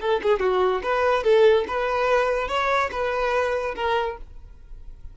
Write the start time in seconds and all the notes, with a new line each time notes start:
0.00 A4
0.22 G#4
0.39 F#4
0.83 B4
1.23 A4
1.67 B4
2.48 C#5
2.91 B4
3.75 A#4